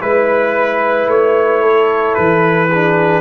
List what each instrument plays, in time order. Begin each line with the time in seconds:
0.00 tuba G#3, trombone E4, horn B4, trumpet B4
1.07 tuba A3, trumpet C#5
1.62 horn A4
2.14 tuba E3, trumpet B4
2.69 trombone D4, horn G#4